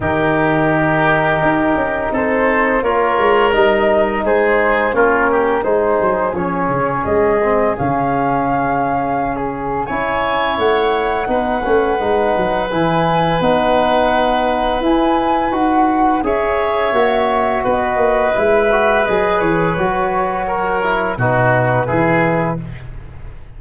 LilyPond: <<
  \new Staff \with { instrumentName = "flute" } { \time 4/4 \tempo 4 = 85 ais'2. c''4 | cis''4 dis''4 c''4 ais'4 | c''4 cis''4 dis''4 f''4~ | f''4~ f''16 gis'8. gis''4 fis''4~ |
fis''2 gis''4 fis''4~ | fis''4 gis''4 fis''4 e''4~ | e''4 dis''4 e''4 dis''8 cis''8~ | cis''2 b'2 | }
  \new Staff \with { instrumentName = "oboe" } { \time 4/4 g'2. a'4 | ais'2 gis'4 f'8 g'8 | gis'1~ | gis'2 cis''2 |
b'1~ | b'2. cis''4~ | cis''4 b'2.~ | b'4 ais'4 fis'4 gis'4 | }
  \new Staff \with { instrumentName = "trombone" } { \time 4/4 dis'1 | f'4 dis'2 cis'4 | dis'4 cis'4. c'8 cis'4~ | cis'2 e'2 |
dis'8 cis'8 dis'4 e'4 dis'4~ | dis'4 e'4 fis'4 gis'4 | fis'2 e'8 fis'8 gis'4 | fis'4. e'8 dis'4 e'4 | }
  \new Staff \with { instrumentName = "tuba" } { \time 4/4 dis2 dis'8 cis'8 c'4 | ais8 gis8 g4 gis4 ais4 | gis8 fis8 f8 cis8 gis4 cis4~ | cis2 cis'4 a4 |
b8 a8 gis8 fis8 e4 b4~ | b4 e'4 dis'4 cis'4 | ais4 b8 ais8 gis4 fis8 e8 | fis2 b,4 e4 | }
>>